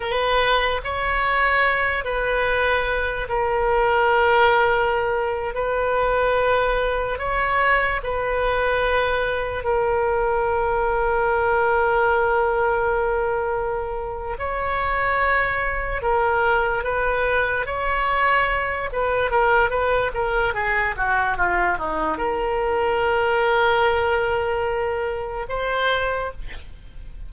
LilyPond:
\new Staff \with { instrumentName = "oboe" } { \time 4/4 \tempo 4 = 73 b'4 cis''4. b'4. | ais'2~ ais'8. b'4~ b'16~ | b'8. cis''4 b'2 ais'16~ | ais'1~ |
ais'4. cis''2 ais'8~ | ais'8 b'4 cis''4. b'8 ais'8 | b'8 ais'8 gis'8 fis'8 f'8 dis'8 ais'4~ | ais'2. c''4 | }